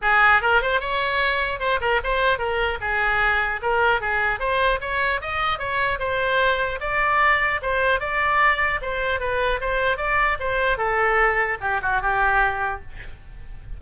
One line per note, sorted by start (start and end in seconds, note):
0.01 0.41 G#4
0.41 0.61 A#4
0.61 0.80 C5
0.80 1.59 C#5
1.59 1.79 C5
1.81 2.01 A#4
2.03 2.38 C5
2.38 2.78 A#4
2.80 3.60 G#4
3.62 4.00 A#4
4.00 4.39 G#4
4.39 4.79 C5
4.80 5.20 C#5
5.21 5.59 D#5
5.59 5.99 C#5
5.99 6.79 C5
6.80 7.60 D5
7.62 8.00 C5
8.00 8.80 D5
8.81 9.19 C5
9.19 9.59 B4
9.60 9.97 C5
9.97 10.37 D5
10.39 10.77 C5
10.77 11.57 A4
11.60 11.80 G4
11.82 12.01 F#4
12.01 12.81 G4